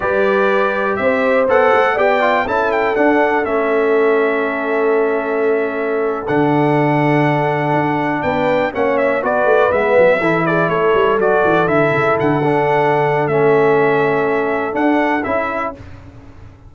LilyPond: <<
  \new Staff \with { instrumentName = "trumpet" } { \time 4/4 \tempo 4 = 122 d''2 e''4 fis''4 | g''4 a''8 g''8 fis''4 e''4~ | e''1~ | e''8. fis''2.~ fis''16~ |
fis''8. g''4 fis''8 e''8 d''4 e''16~ | e''4~ e''16 d''8 cis''4 d''4 e''16~ | e''8. fis''2~ fis''16 e''4~ | e''2 fis''4 e''4 | }
  \new Staff \with { instrumentName = "horn" } { \time 4/4 b'2 c''2 | d''4 a'2.~ | a'1~ | a'1~ |
a'8. b'4 cis''4 b'4~ b'16~ | b'8. a'8 gis'8 a'2~ a'16~ | a'1~ | a'1 | }
  \new Staff \with { instrumentName = "trombone" } { \time 4/4 g'2. a'4 | g'8 f'8 e'4 d'4 cis'4~ | cis'1~ | cis'8. d'2.~ d'16~ |
d'4.~ d'16 cis'4 fis'4 b16~ | b8. e'2 fis'4 e'16~ | e'4~ e'16 d'4.~ d'16 cis'4~ | cis'2 d'4 e'4 | }
  \new Staff \with { instrumentName = "tuba" } { \time 4/4 g2 c'4 b8 a8 | b4 cis'4 d'4 a4~ | a1~ | a8. d2. d'16~ |
d'8. b4 ais4 b8 a8 gis16~ | gis16 fis8 e4 a8 g8 fis8 e8 d16~ | d16 cis8 d2~ d16 a4~ | a2 d'4 cis'4 | }
>>